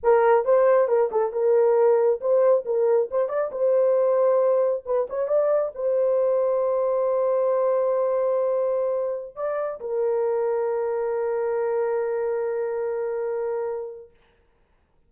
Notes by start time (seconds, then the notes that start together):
0.03 A#4
0.44 C5
0.87 A#4
1.11 A4
1.32 A#4
2.20 C5
2.65 A#4
3.10 C5
3.28 D5
3.51 C5
4.85 B4
5.09 C#5
5.27 D5
5.75 C5
9.35 D5
9.80 A#4